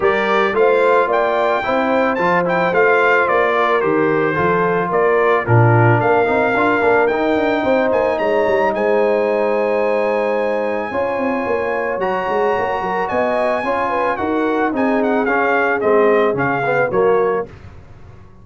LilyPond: <<
  \new Staff \with { instrumentName = "trumpet" } { \time 4/4 \tempo 4 = 110 d''4 f''4 g''2 | a''8 g''8 f''4 d''4 c''4~ | c''4 d''4 ais'4 f''4~ | f''4 g''4. gis''8 ais''4 |
gis''1~ | gis''2 ais''2 | gis''2 fis''4 gis''8 fis''8 | f''4 dis''4 f''4 cis''4 | }
  \new Staff \with { instrumentName = "horn" } { \time 4/4 ais'4 c''4 d''4 c''4~ | c''2~ c''8 ais'4. | a'4 ais'4 f'4 ais'4~ | ais'2 c''4 cis''4 |
c''1 | cis''2.~ cis''8 ais'8 | dis''4 cis''8 b'8 ais'4 gis'4~ | gis'2. fis'4 | }
  \new Staff \with { instrumentName = "trombone" } { \time 4/4 g'4 f'2 e'4 | f'8 e'8 f'2 g'4 | f'2 d'4. dis'8 | f'8 d'8 dis'2.~ |
dis'1 | f'2 fis'2~ | fis'4 f'4 fis'4 dis'4 | cis'4 c'4 cis'8 b8 ais4 | }
  \new Staff \with { instrumentName = "tuba" } { \time 4/4 g4 a4 ais4 c'4 | f4 a4 ais4 dis4 | f4 ais4 ais,4 ais8 c'8 | d'8 ais8 dis'8 d'8 c'8 ais8 gis8 g8 |
gis1 | cis'8 c'8 ais4 fis8 gis8 ais8 fis8 | b4 cis'4 dis'4 c'4 | cis'4 gis4 cis4 fis4 | }
>>